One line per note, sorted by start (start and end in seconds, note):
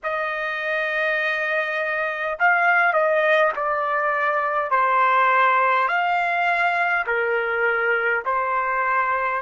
0.03 2.38 D#5
2.39 2.93 F5
2.93 3.51 D#5
3.56 4.71 D5
4.71 5.88 C5
5.88 7.05 F5
7.06 8.24 A#4
8.25 9.42 C5